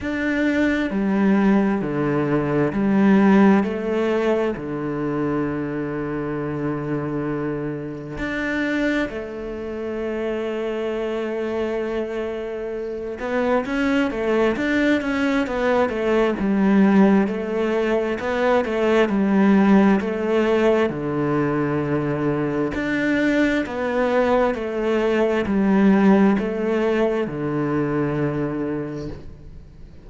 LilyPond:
\new Staff \with { instrumentName = "cello" } { \time 4/4 \tempo 4 = 66 d'4 g4 d4 g4 | a4 d2.~ | d4 d'4 a2~ | a2~ a8 b8 cis'8 a8 |
d'8 cis'8 b8 a8 g4 a4 | b8 a8 g4 a4 d4~ | d4 d'4 b4 a4 | g4 a4 d2 | }